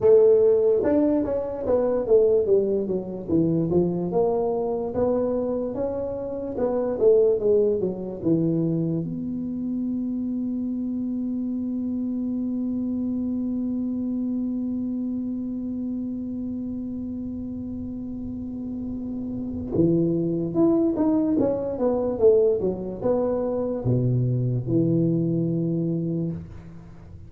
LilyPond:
\new Staff \with { instrumentName = "tuba" } { \time 4/4 \tempo 4 = 73 a4 d'8 cis'8 b8 a8 g8 fis8 | e8 f8 ais4 b4 cis'4 | b8 a8 gis8 fis8 e4 b4~ | b1~ |
b1~ | b1 | e4 e'8 dis'8 cis'8 b8 a8 fis8 | b4 b,4 e2 | }